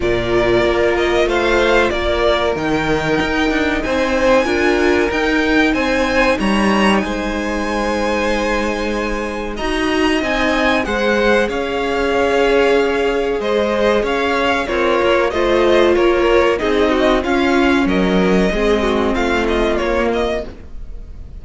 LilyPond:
<<
  \new Staff \with { instrumentName = "violin" } { \time 4/4 \tempo 4 = 94 d''4. dis''8 f''4 d''4 | g''2 gis''2 | g''4 gis''4 ais''4 gis''4~ | gis''2. ais''4 |
gis''4 fis''4 f''2~ | f''4 dis''4 f''4 cis''4 | dis''4 cis''4 dis''4 f''4 | dis''2 f''8 dis''8 cis''8 dis''8 | }
  \new Staff \with { instrumentName = "violin" } { \time 4/4 ais'2 c''4 ais'4~ | ais'2 c''4 ais'4~ | ais'4 c''4 cis''4 c''4~ | c''2. dis''4~ |
dis''4 c''4 cis''2~ | cis''4 c''4 cis''4 f'4 | c''4 ais'4 gis'8 fis'8 f'4 | ais'4 gis'8 fis'8 f'2 | }
  \new Staff \with { instrumentName = "viola" } { \time 4/4 f'1 | dis'2. f'4 | dis'1~ | dis'2. fis'4 |
dis'4 gis'2.~ | gis'2. ais'4 | f'2 dis'4 cis'4~ | cis'4 c'2 ais4 | }
  \new Staff \with { instrumentName = "cello" } { \time 4/4 ais,4 ais4 a4 ais4 | dis4 dis'8 d'8 c'4 d'4 | dis'4 c'4 g4 gis4~ | gis2. dis'4 |
c'4 gis4 cis'2~ | cis'4 gis4 cis'4 c'8 ais8 | a4 ais4 c'4 cis'4 | fis4 gis4 a4 ais4 | }
>>